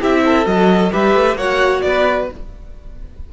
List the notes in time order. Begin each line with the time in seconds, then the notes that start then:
0.00 C4 E4 G4 E5
0.25 A4
0.46 F#3 F#4 D#5
0.92 G3 G4 B4 E5
1.15 A3
1.35 A#3 F#4 C#5 F#5
1.82 B3 B4 D5